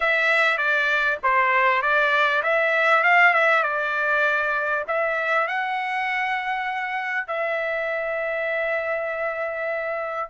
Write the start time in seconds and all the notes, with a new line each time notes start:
0.00 E5
0.57 D5
1.23 C5
1.82 D5
2.42 E5
3.03 F5
3.33 E5
3.63 D5
4.87 E5
5.47 F#5
7.27 E5